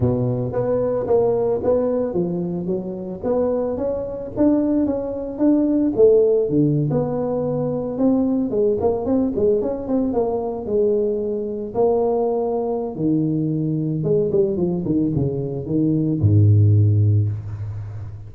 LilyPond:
\new Staff \with { instrumentName = "tuba" } { \time 4/4 \tempo 4 = 111 b,4 b4 ais4 b4 | f4 fis4 b4 cis'4 | d'4 cis'4 d'4 a4 | d8. b2 c'4 gis16~ |
gis16 ais8 c'8 gis8 cis'8 c'8 ais4 gis16~ | gis4.~ gis16 ais2~ ais16 | dis2 gis8 g8 f8 dis8 | cis4 dis4 gis,2 | }